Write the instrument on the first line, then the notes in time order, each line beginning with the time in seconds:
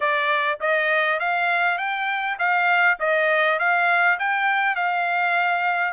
trumpet
0.00 D5
0.60 D#5
1.19 F5
1.78 G5
2.38 F5
2.99 D#5
3.59 F5
4.19 G5
4.75 F5